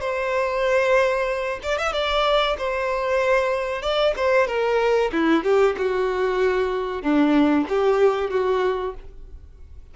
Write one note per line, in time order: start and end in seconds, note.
0.00 1.60 C5
1.63 1.78 D5
1.78 1.93 E5
1.93 2.56 D5
2.58 3.82 C5
3.82 4.14 D5
4.17 4.47 C5
4.47 5.11 A#4
5.12 5.44 E4
5.44 5.76 G4
5.78 7.02 F#4
7.02 7.66 D4
7.69 8.31 G4
8.31 8.94 F#4